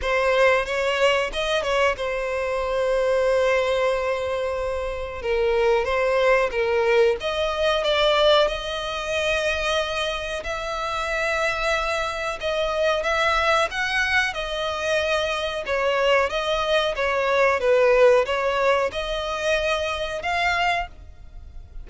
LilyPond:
\new Staff \with { instrumentName = "violin" } { \time 4/4 \tempo 4 = 92 c''4 cis''4 dis''8 cis''8 c''4~ | c''1 | ais'4 c''4 ais'4 dis''4 | d''4 dis''2. |
e''2. dis''4 | e''4 fis''4 dis''2 | cis''4 dis''4 cis''4 b'4 | cis''4 dis''2 f''4 | }